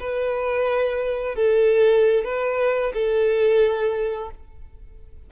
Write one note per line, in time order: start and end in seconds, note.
0.00 1.36 B4
1.36 2.24 A4
2.24 2.93 B4
2.94 4.30 A4